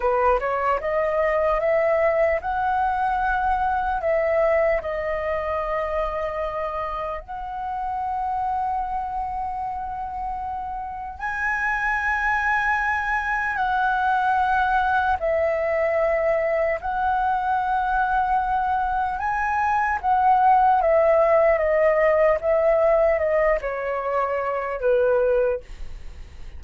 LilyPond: \new Staff \with { instrumentName = "flute" } { \time 4/4 \tempo 4 = 75 b'8 cis''8 dis''4 e''4 fis''4~ | fis''4 e''4 dis''2~ | dis''4 fis''2.~ | fis''2 gis''2~ |
gis''4 fis''2 e''4~ | e''4 fis''2. | gis''4 fis''4 e''4 dis''4 | e''4 dis''8 cis''4. b'4 | }